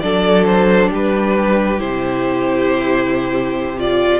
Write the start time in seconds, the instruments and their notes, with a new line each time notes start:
0.00 cello F#3, viola D4, violin A4 D5
0.45 violin C5
0.90 cello G3, violin G4 B4
1.78 cello C3, viola E4, violin C5
3.78 viola F4, violin D5